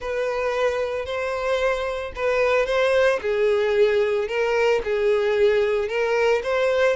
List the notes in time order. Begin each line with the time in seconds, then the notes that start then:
0.00 B4
1.05 C5
2.15 B4
2.66 C5
3.21 G#4
4.28 A#4
4.84 G#4
5.88 A#4
6.43 C5